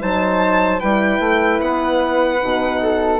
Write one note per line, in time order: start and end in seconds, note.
0.00 0.82 F#3
0.00 0.80 D#4
0.00 0.80 C5
0.00 0.80 A5
0.80 1.19 G3
0.80 2.41 E4
0.80 2.80 B4
0.80 1.60 G5
1.19 1.59 A3
1.61 2.41 B3
1.61 3.20 F#5
2.41 3.20 B2
2.41 3.20 D#4
2.82 3.20 A4